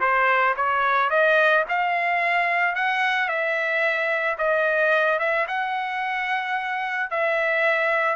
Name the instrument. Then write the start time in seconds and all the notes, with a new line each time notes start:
trumpet
0.00 C5
0.56 C#5
1.10 D#5
1.68 F5
2.75 F#5
3.28 E5
4.38 D#5
5.19 E5
5.47 F#5
7.10 E5